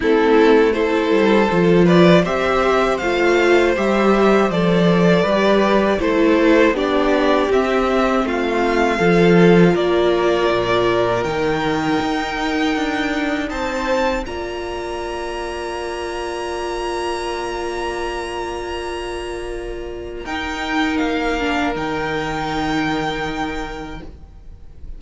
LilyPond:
<<
  \new Staff \with { instrumentName = "violin" } { \time 4/4 \tempo 4 = 80 a'4 c''4. d''8 e''4 | f''4 e''4 d''2 | c''4 d''4 e''4 f''4~ | f''4 d''2 g''4~ |
g''2 a''4 ais''4~ | ais''1~ | ais''2. g''4 | f''4 g''2. | }
  \new Staff \with { instrumentName = "violin" } { \time 4/4 e'4 a'4. b'8 c''4~ | c''2. b'4 | a'4 g'2 f'4 | a'4 ais'2.~ |
ais'2 c''4 d''4~ | d''1~ | d''2. ais'4~ | ais'1 | }
  \new Staff \with { instrumentName = "viola" } { \time 4/4 c'4 e'4 f'4 g'4 | f'4 g'4 a'4 g'4 | e'4 d'4 c'2 | f'2. dis'4~ |
dis'2. f'4~ | f'1~ | f'2. dis'4~ | dis'8 d'8 dis'2. | }
  \new Staff \with { instrumentName = "cello" } { \time 4/4 a4. g8 f4 c'4 | a4 g4 f4 g4 | a4 b4 c'4 a4 | f4 ais4 ais,4 dis4 |
dis'4 d'4 c'4 ais4~ | ais1~ | ais2. dis'4 | ais4 dis2. | }
>>